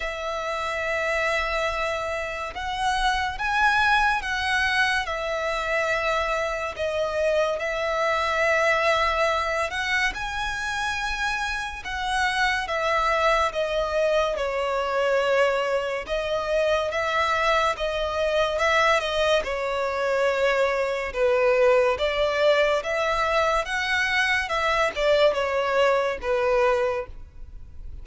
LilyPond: \new Staff \with { instrumentName = "violin" } { \time 4/4 \tempo 4 = 71 e''2. fis''4 | gis''4 fis''4 e''2 | dis''4 e''2~ e''8 fis''8 | gis''2 fis''4 e''4 |
dis''4 cis''2 dis''4 | e''4 dis''4 e''8 dis''8 cis''4~ | cis''4 b'4 d''4 e''4 | fis''4 e''8 d''8 cis''4 b'4 | }